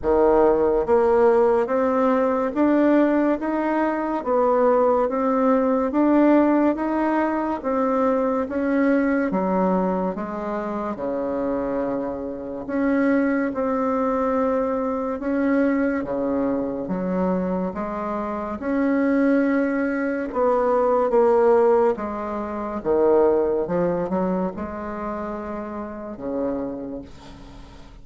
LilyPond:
\new Staff \with { instrumentName = "bassoon" } { \time 4/4 \tempo 4 = 71 dis4 ais4 c'4 d'4 | dis'4 b4 c'4 d'4 | dis'4 c'4 cis'4 fis4 | gis4 cis2 cis'4 |
c'2 cis'4 cis4 | fis4 gis4 cis'2 | b4 ais4 gis4 dis4 | f8 fis8 gis2 cis4 | }